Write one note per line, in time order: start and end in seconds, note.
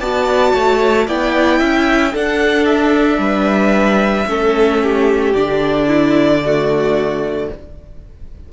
0.00 0.54 B3
0.00 1.09 F#4
0.00 0.53 D5
0.00 1.08 A5
0.53 1.08 A3
0.53 1.07 C#5
1.08 1.61 B3
1.08 2.14 E4
1.08 1.60 D5
1.08 2.15 G5
1.60 2.15 C#4
1.60 2.13 E5
2.13 4.28 D4
2.13 3.19 D4
2.13 3.20 A4
2.13 2.66 F#5
2.66 5.34 E5
3.19 4.26 G3
3.19 4.28 B4
4.27 5.34 A3
4.27 5.35 C#4
4.27 4.84 A4
4.84 5.87 G4
5.35 7.49 D3
5.35 6.44 D4
5.35 7.49 D5
5.87 6.41 E4
6.45 7.53 A3
6.45 7.52 F#4